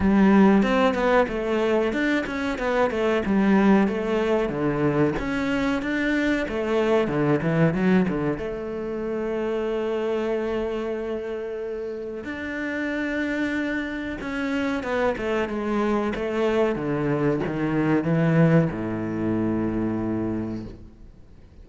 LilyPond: \new Staff \with { instrumentName = "cello" } { \time 4/4 \tempo 4 = 93 g4 c'8 b8 a4 d'8 cis'8 | b8 a8 g4 a4 d4 | cis'4 d'4 a4 d8 e8 | fis8 d8 a2.~ |
a2. d'4~ | d'2 cis'4 b8 a8 | gis4 a4 d4 dis4 | e4 a,2. | }